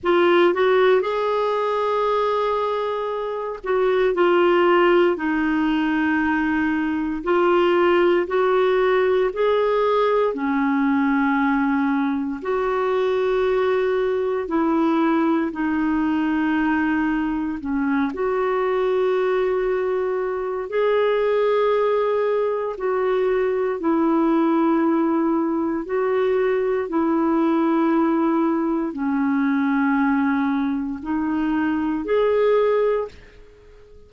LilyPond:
\new Staff \with { instrumentName = "clarinet" } { \time 4/4 \tempo 4 = 58 f'8 fis'8 gis'2~ gis'8 fis'8 | f'4 dis'2 f'4 | fis'4 gis'4 cis'2 | fis'2 e'4 dis'4~ |
dis'4 cis'8 fis'2~ fis'8 | gis'2 fis'4 e'4~ | e'4 fis'4 e'2 | cis'2 dis'4 gis'4 | }